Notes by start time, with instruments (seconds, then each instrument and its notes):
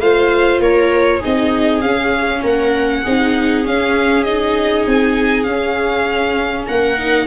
0.00 tuba A3, viola F4 C5, violin F5
0.60 tuba A#3, viola A#4, violin C#5
1.20 viola D#4 G#4, violin D#5
1.26 tuba C4
1.82 tuba C#4, viola C#4, violin F5
2.43 tuba A#3, viola A#4, violin F#5
3.03 tuba C4, viola D#4 G#4
3.65 viola C#4, tuba C#4, violin F5
4.24 viola D#4, violin D#5
4.87 tuba C4, violin G#5
5.44 viola C#4, tuba C#4, violin F5
6.67 tuba A#3, viola A#4, violin F#5
6.99 viola D#4